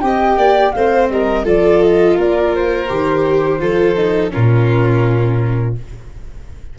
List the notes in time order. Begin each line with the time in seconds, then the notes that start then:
0.00 C4 G4 D#5 G5
0.37 A#3 D5
0.72 A3 C4 C5 F5
1.10 G3 A#4 D#5
1.45 F3 F4 A4 D5
1.82 D#5
2.16 A#3 A#4 D5
2.55 C5
2.87 D#3 G4
3.59 F3 F4 A4
3.96 D#4
4.30 A#2 C#4 F4 A#4